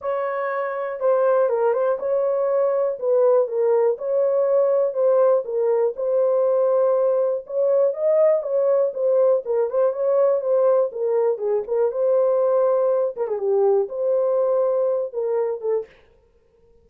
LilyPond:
\new Staff \with { instrumentName = "horn" } { \time 4/4 \tempo 4 = 121 cis''2 c''4 ais'8 c''8 | cis''2 b'4 ais'4 | cis''2 c''4 ais'4 | c''2. cis''4 |
dis''4 cis''4 c''4 ais'8 c''8 | cis''4 c''4 ais'4 gis'8 ais'8 | c''2~ c''8 ais'16 gis'16 g'4 | c''2~ c''8 ais'4 a'8 | }